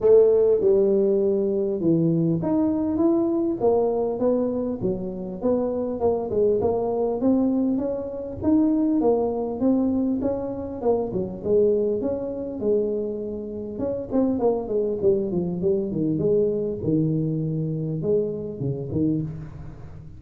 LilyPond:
\new Staff \with { instrumentName = "tuba" } { \time 4/4 \tempo 4 = 100 a4 g2 e4 | dis'4 e'4 ais4 b4 | fis4 b4 ais8 gis8 ais4 | c'4 cis'4 dis'4 ais4 |
c'4 cis'4 ais8 fis8 gis4 | cis'4 gis2 cis'8 c'8 | ais8 gis8 g8 f8 g8 dis8 gis4 | dis2 gis4 cis8 dis8 | }